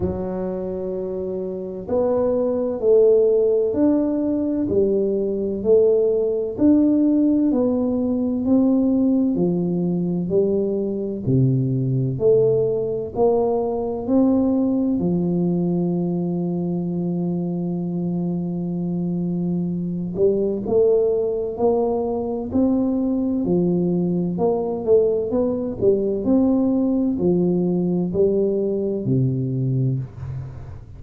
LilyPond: \new Staff \with { instrumentName = "tuba" } { \time 4/4 \tempo 4 = 64 fis2 b4 a4 | d'4 g4 a4 d'4 | b4 c'4 f4 g4 | c4 a4 ais4 c'4 |
f1~ | f4. g8 a4 ais4 | c'4 f4 ais8 a8 b8 g8 | c'4 f4 g4 c4 | }